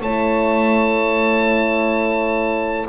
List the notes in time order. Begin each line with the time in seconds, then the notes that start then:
0.00 A3 E4 C#5 A5